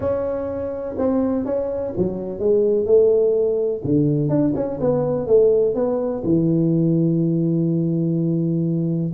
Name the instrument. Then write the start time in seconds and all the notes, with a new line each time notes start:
tuba
0.00 C#4
0.97 C4
1.45 C#4
1.96 F#3
2.39 G#3
2.85 A3
3.84 D3
4.29 D4
4.55 C#4
4.80 B3
5.26 A3
5.74 B3
6.24 E3